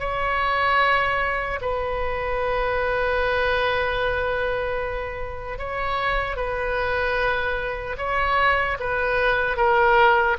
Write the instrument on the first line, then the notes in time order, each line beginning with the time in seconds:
oboe
0.00 C#5
1.61 B4
5.59 C#5
6.37 B4
7.98 C#5
8.80 B4
9.57 A#4